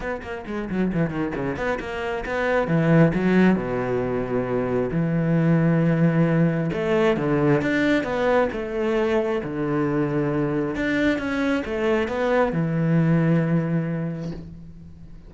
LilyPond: \new Staff \with { instrumentName = "cello" } { \time 4/4 \tempo 4 = 134 b8 ais8 gis8 fis8 e8 dis8 cis8 b8 | ais4 b4 e4 fis4 | b,2. e4~ | e2. a4 |
d4 d'4 b4 a4~ | a4 d2. | d'4 cis'4 a4 b4 | e1 | }